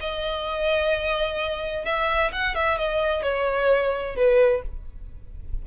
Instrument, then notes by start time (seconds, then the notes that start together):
violin
0.00 D#5
1.85 E5
2.32 F#5
2.55 E5
2.78 D#5
3.22 C#5
4.16 B4